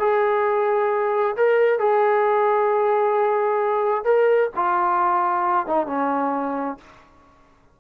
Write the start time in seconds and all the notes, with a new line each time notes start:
0.00 G#4
1.37 A#4
1.79 G#4
4.05 A#4
4.56 F4
5.67 D#4
5.87 C#4